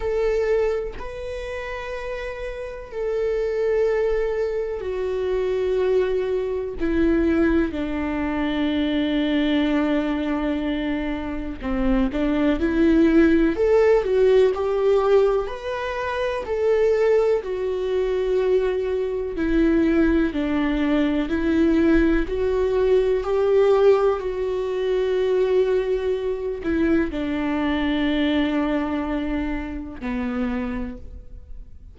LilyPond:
\new Staff \with { instrumentName = "viola" } { \time 4/4 \tempo 4 = 62 a'4 b'2 a'4~ | a'4 fis'2 e'4 | d'1 | c'8 d'8 e'4 a'8 fis'8 g'4 |
b'4 a'4 fis'2 | e'4 d'4 e'4 fis'4 | g'4 fis'2~ fis'8 e'8 | d'2. b4 | }